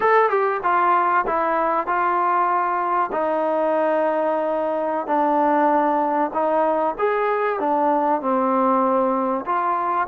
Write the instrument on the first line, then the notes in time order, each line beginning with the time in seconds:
trombone
0.00 A4
0.29 G4
0.63 F4
1.26 E4
1.86 F4
3.12 D#4
5.07 D4
6.33 D#4
6.98 G#4
7.59 D4
8.21 C4
9.45 F4